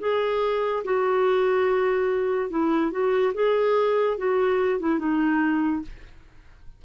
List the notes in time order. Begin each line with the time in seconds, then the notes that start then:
0.00 G#4
0.84 F#4
2.50 E4
2.91 F#4
3.34 G#4
4.18 F#4
4.80 E4
4.99 D#4